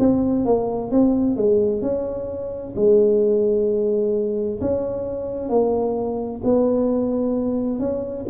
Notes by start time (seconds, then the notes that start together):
0.00 C4
0.46 A#3
0.91 C4
1.37 G#3
1.82 C#4
2.76 G#3
4.62 C#4
5.50 A#3
6.44 B3
7.80 C#4